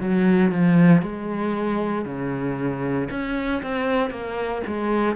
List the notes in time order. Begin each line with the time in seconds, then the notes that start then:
0.00 F#3
0.51 F3
1.02 G#3
2.05 C#3
3.10 C#4
3.62 C4
4.10 A#3
4.66 G#3